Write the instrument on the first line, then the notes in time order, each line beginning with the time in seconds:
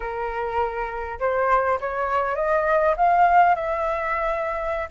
flute
0.00 A#4
1.19 C5
1.80 C#5
2.35 D#5
2.96 F5
3.55 E5